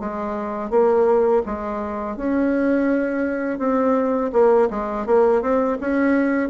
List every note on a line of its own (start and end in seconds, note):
0.00 0.70 G#3
0.70 1.43 A#3
1.46 2.17 G#3
2.17 3.59 C#4
3.59 4.31 C4
4.33 4.69 A#3
4.71 5.07 G#3
5.07 5.42 A#3
5.42 5.78 C4
5.81 6.50 C#4